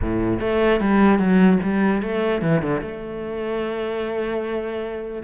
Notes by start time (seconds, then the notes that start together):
0.01 A2
0.40 A3
0.80 G3
1.18 F#3
1.62 G3
2.01 A3
2.41 E3
2.61 D3
2.81 A3